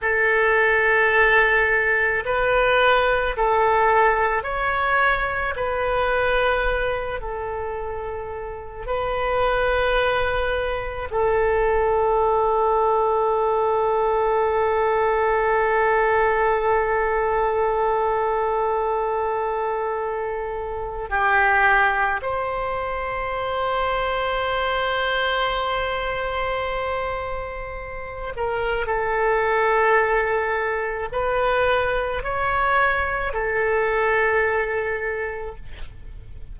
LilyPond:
\new Staff \with { instrumentName = "oboe" } { \time 4/4 \tempo 4 = 54 a'2 b'4 a'4 | cis''4 b'4. a'4. | b'2 a'2~ | a'1~ |
a'2. g'4 | c''1~ | c''4. ais'8 a'2 | b'4 cis''4 a'2 | }